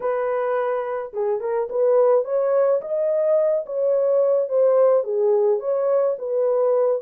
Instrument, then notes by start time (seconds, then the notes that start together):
horn
0.00 B4
1.13 G#4
1.40 A#4
1.69 B4
2.24 C#5
2.81 D#5
3.66 C#5
4.48 C5
5.03 G#4
5.59 C#5
6.18 B4